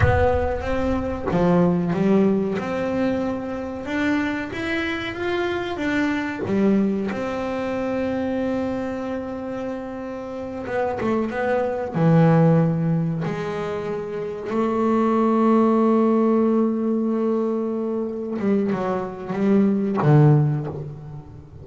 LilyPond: \new Staff \with { instrumentName = "double bass" } { \time 4/4 \tempo 4 = 93 b4 c'4 f4 g4 | c'2 d'4 e'4 | f'4 d'4 g4 c'4~ | c'1~ |
c'8 b8 a8 b4 e4.~ | e8 gis2 a4.~ | a1~ | a8 g8 fis4 g4 d4 | }